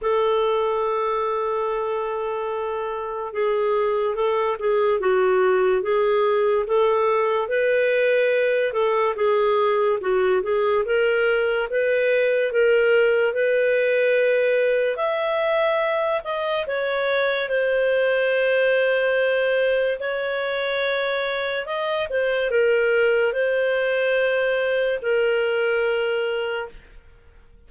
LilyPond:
\new Staff \with { instrumentName = "clarinet" } { \time 4/4 \tempo 4 = 72 a'1 | gis'4 a'8 gis'8 fis'4 gis'4 | a'4 b'4. a'8 gis'4 | fis'8 gis'8 ais'4 b'4 ais'4 |
b'2 e''4. dis''8 | cis''4 c''2. | cis''2 dis''8 c''8 ais'4 | c''2 ais'2 | }